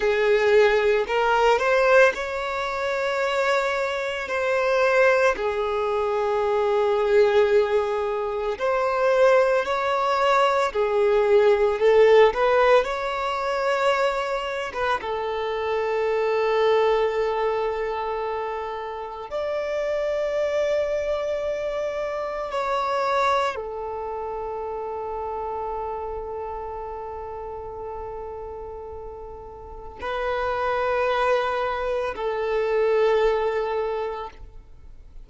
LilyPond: \new Staff \with { instrumentName = "violin" } { \time 4/4 \tempo 4 = 56 gis'4 ais'8 c''8 cis''2 | c''4 gis'2. | c''4 cis''4 gis'4 a'8 b'8 | cis''4.~ cis''16 b'16 a'2~ |
a'2 d''2~ | d''4 cis''4 a'2~ | a'1 | b'2 a'2 | }